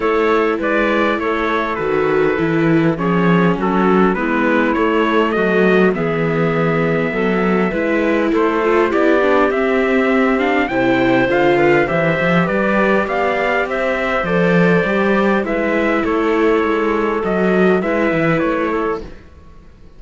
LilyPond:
<<
  \new Staff \with { instrumentName = "trumpet" } { \time 4/4 \tempo 4 = 101 cis''4 d''4 cis''4 b'4~ | b'4 cis''4 a'4 b'4 | cis''4 dis''4 e''2~ | e''2 c''4 d''4 |
e''4. f''8 g''4 f''4 | e''4 d''4 f''4 e''4 | d''2 e''4 cis''4~ | cis''4 dis''4 e''4 cis''4 | }
  \new Staff \with { instrumentName = "clarinet" } { \time 4/4 a'4 b'4 a'2~ | a'4 gis'4 fis'4 e'4~ | e'4 fis'4 gis'2 | a'4 b'4 a'4 g'4~ |
g'2 c''4. b'8 | c''4 b'4 d''4 c''4~ | c''2 b'4 a'4~ | a'2 b'4. a'8 | }
  \new Staff \with { instrumentName = "viola" } { \time 4/4 e'2. fis'4 | e'4 cis'2 b4 | a2 b2~ | b4 e'4. f'8 e'8 d'8 |
c'4. d'8 e'4 f'4 | g'1 | a'4 g'4 e'2~ | e'4 fis'4 e'2 | }
  \new Staff \with { instrumentName = "cello" } { \time 4/4 a4 gis4 a4 dis4 | e4 f4 fis4 gis4 | a4 fis4 e2 | fis4 gis4 a4 b4 |
c'2 c4 d4 | e8 f8 g4 b4 c'4 | f4 g4 gis4 a4 | gis4 fis4 gis8 e8 a4 | }
>>